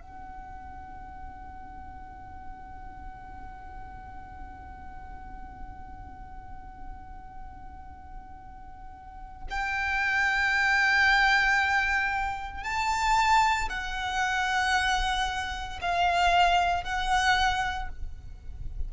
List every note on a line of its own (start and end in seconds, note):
0.00 9.47 F#5
9.50 12.63 G5
12.63 13.68 A5
13.69 15.79 F#5
15.81 16.83 F5
16.83 17.89 F#5